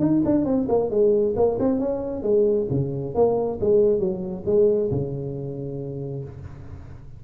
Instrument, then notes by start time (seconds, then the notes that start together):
tuba
0.00 D#4
0.25 D4
0.45 C4
0.69 A#3
0.90 G#3
1.36 A#3
1.60 C4
1.79 C#4
2.23 G#3
2.71 C#3
3.15 A#3
3.61 G#3
4.00 F#3
4.46 G#3
4.91 C#3